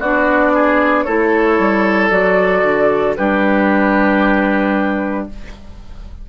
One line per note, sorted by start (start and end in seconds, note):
0.00 1.06 B3
0.00 1.08 D4
0.00 0.53 F#4
0.00 1.04 D5
0.54 1.05 G#4
1.04 1.59 A3
1.04 2.11 E4
1.04 3.16 A4
1.04 2.09 C#5
1.59 2.11 G3
2.10 2.63 F#3
2.10 3.16 F#4
2.10 3.15 D5
2.63 3.16 D3
3.16 5.29 G3
3.16 5.29 D4
3.16 5.29 G4
3.16 5.27 B4